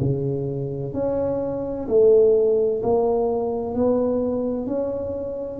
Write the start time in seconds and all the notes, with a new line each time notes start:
0.00 C#3
0.93 C#4
1.88 A3
2.83 A#3
3.75 B3
4.67 C#4